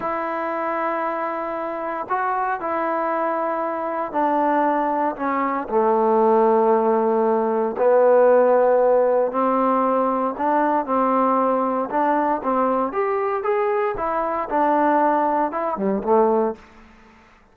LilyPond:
\new Staff \with { instrumentName = "trombone" } { \time 4/4 \tempo 4 = 116 e'1 | fis'4 e'2. | d'2 cis'4 a4~ | a2. b4~ |
b2 c'2 | d'4 c'2 d'4 | c'4 g'4 gis'4 e'4 | d'2 e'8 g8 a4 | }